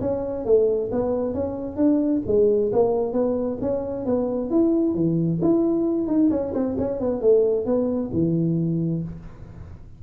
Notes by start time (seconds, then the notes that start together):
0.00 C#4
0.45 A3
0.91 B3
1.33 C#4
1.76 D4
2.26 G#3
2.72 A#3
3.13 B3
3.61 C#4
4.05 B3
4.50 E4
4.94 E3
5.41 E4
6.07 D#4
6.30 C#4
6.53 C4
6.78 C#4
7.00 B3
7.21 A3
7.65 B3
8.12 E3